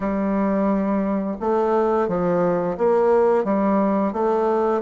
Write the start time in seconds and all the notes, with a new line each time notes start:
0.00 G3
1.40 A3
2.08 F3
2.77 A#3
3.44 G3
4.12 A3